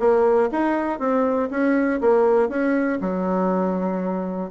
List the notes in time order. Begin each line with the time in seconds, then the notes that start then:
0.00 A#3
0.52 D#4
1.00 C4
1.51 C#4
2.01 A#3
2.50 C#4
3.01 F#3